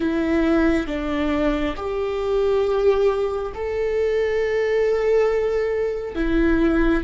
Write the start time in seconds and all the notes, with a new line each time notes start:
0.00 E4
0.87 D4
1.76 G4
3.54 A4
6.15 E4